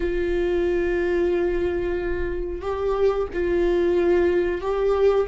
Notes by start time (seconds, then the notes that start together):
0.00 F4
2.61 G4
3.33 F4
4.61 G4